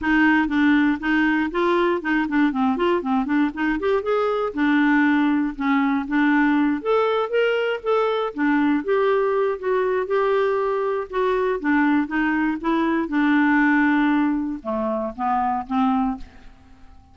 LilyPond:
\new Staff \with { instrumentName = "clarinet" } { \time 4/4 \tempo 4 = 119 dis'4 d'4 dis'4 f'4 | dis'8 d'8 c'8 f'8 c'8 d'8 dis'8 g'8 | gis'4 d'2 cis'4 | d'4. a'4 ais'4 a'8~ |
a'8 d'4 g'4. fis'4 | g'2 fis'4 d'4 | dis'4 e'4 d'2~ | d'4 a4 b4 c'4 | }